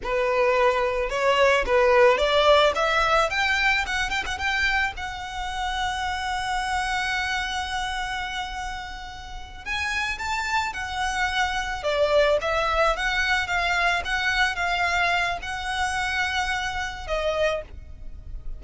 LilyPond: \new Staff \with { instrumentName = "violin" } { \time 4/4 \tempo 4 = 109 b'2 cis''4 b'4 | d''4 e''4 g''4 fis''8 g''16 fis''16 | g''4 fis''2.~ | fis''1~ |
fis''4. gis''4 a''4 fis''8~ | fis''4. d''4 e''4 fis''8~ | fis''8 f''4 fis''4 f''4. | fis''2. dis''4 | }